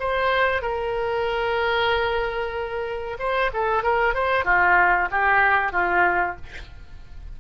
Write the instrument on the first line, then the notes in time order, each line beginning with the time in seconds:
oboe
0.00 C5
0.62 A#4
3.19 C5
3.54 A4
3.84 A#4
4.14 C5
4.45 F4
5.11 G4
5.73 F4